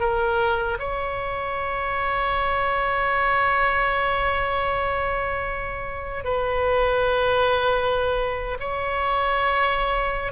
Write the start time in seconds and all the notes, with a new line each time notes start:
0.00 A#4
0.79 C#5
6.24 B4
8.60 C#5